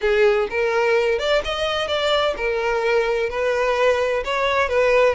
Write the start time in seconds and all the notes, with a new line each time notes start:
0.01 G#4
0.50 A#4
1.18 D5
1.44 D#5
1.87 D5
2.37 A#4
3.29 B4
4.24 C#5
4.68 B4